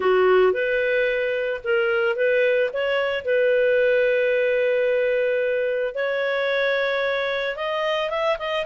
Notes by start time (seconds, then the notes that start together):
0.00 F#4
0.52 B4
1.63 A#4
2.16 B4
2.73 C#5
3.24 B4
5.94 C#5
7.56 D#5
8.10 E5
8.38 D#5